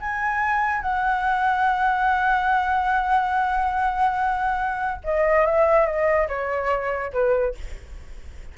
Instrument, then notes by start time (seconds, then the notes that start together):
flute
0.00 G#5
0.82 F#5
5.04 D#5
5.46 E5
5.86 D#5
6.28 C#5
7.13 B4